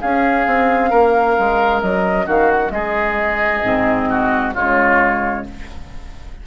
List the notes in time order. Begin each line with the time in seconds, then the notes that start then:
0.00 C#4 G#4 F5
0.46 C4
0.90 A#3 A#4
1.38 G#3
1.81 F#3 D#5
2.26 D#3 F#4 F5
2.51 F#5
2.70 G#3 G#4 D#5
3.64 G#2 C4
4.09 F#4
4.54 C#3 G#3 F4 C#5